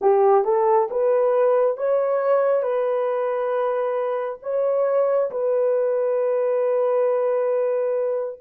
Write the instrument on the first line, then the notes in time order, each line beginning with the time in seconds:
horn
0.01 G4
0.44 A4
0.90 B4
1.76 C#5
2.62 B4
4.42 C#5
5.30 B4